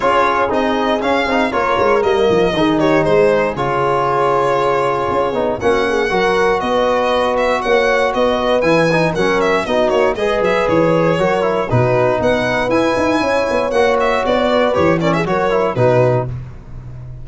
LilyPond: <<
  \new Staff \with { instrumentName = "violin" } { \time 4/4 \tempo 4 = 118 cis''4 dis''4 f''4 cis''4 | dis''4. cis''8 c''4 cis''4~ | cis''2. fis''4~ | fis''4 dis''4. e''8 fis''4 |
dis''4 gis''4 fis''8 e''8 dis''8 cis''8 | dis''8 e''8 cis''2 b'4 | fis''4 gis''2 fis''8 e''8 | d''4 cis''8 d''16 e''16 cis''4 b'4 | }
  \new Staff \with { instrumentName = "horn" } { \time 4/4 gis'2. ais'4~ | ais'4 gis'8 g'8 gis'2~ | gis'2. fis'8 gis'8 | ais'4 b'2 cis''4 |
b'2 ais'4 fis'4 | b'2 ais'4 fis'4 | b'2 cis''2~ | cis''8 b'4 ais'16 gis'16 ais'4 fis'4 | }
  \new Staff \with { instrumentName = "trombone" } { \time 4/4 f'4 dis'4 cis'8 dis'8 f'4 | ais4 dis'2 f'4~ | f'2~ f'8 dis'8 cis'4 | fis'1~ |
fis'4 e'8 dis'8 cis'4 dis'4 | gis'2 fis'8 e'8 dis'4~ | dis'4 e'2 fis'4~ | fis'4 g'8 cis'8 fis'8 e'8 dis'4 | }
  \new Staff \with { instrumentName = "tuba" } { \time 4/4 cis'4 c'4 cis'8 c'8 ais8 gis8 | g8 f8 dis4 gis4 cis4~ | cis2 cis'8 b8 ais4 | fis4 b2 ais4 |
b4 e4 fis4 b8 ais8 | gis8 fis8 e4 fis4 b,4 | b4 e'8 dis'8 cis'8 b8 ais4 | b4 e4 fis4 b,4 | }
>>